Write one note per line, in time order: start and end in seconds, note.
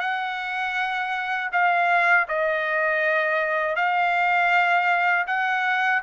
0.00 1.50 F#5
1.52 2.27 F5
2.28 3.76 D#5
3.76 5.26 F5
5.27 6.02 F#5